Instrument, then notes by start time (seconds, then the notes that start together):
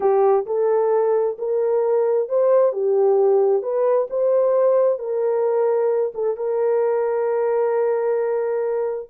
horn
0.00 G4
0.46 A4
1.38 A#4
2.29 C5
2.72 G4
3.62 B4
4.10 C5
4.98 A#4
6.14 A4
6.36 A#4